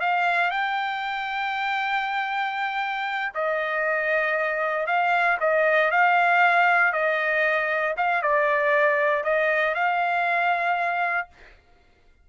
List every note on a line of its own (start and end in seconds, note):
0.00 0.51 F5
0.51 3.33 G5
3.34 4.87 D#5
4.87 5.38 F5
5.40 5.91 D#5
5.91 6.93 F5
6.93 7.95 D#5
7.97 8.22 F5
8.22 9.24 D5
9.24 9.75 D#5
9.75 11.28 F5